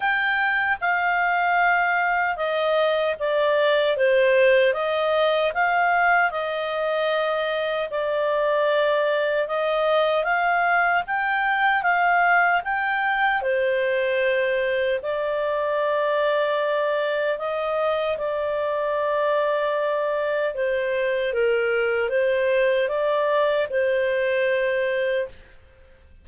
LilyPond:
\new Staff \with { instrumentName = "clarinet" } { \time 4/4 \tempo 4 = 76 g''4 f''2 dis''4 | d''4 c''4 dis''4 f''4 | dis''2 d''2 | dis''4 f''4 g''4 f''4 |
g''4 c''2 d''4~ | d''2 dis''4 d''4~ | d''2 c''4 ais'4 | c''4 d''4 c''2 | }